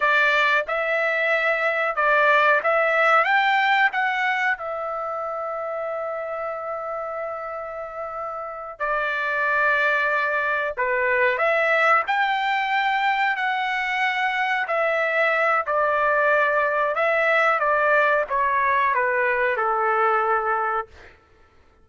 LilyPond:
\new Staff \with { instrumentName = "trumpet" } { \time 4/4 \tempo 4 = 92 d''4 e''2 d''4 | e''4 g''4 fis''4 e''4~ | e''1~ | e''4. d''2~ d''8~ |
d''8 b'4 e''4 g''4.~ | g''8 fis''2 e''4. | d''2 e''4 d''4 | cis''4 b'4 a'2 | }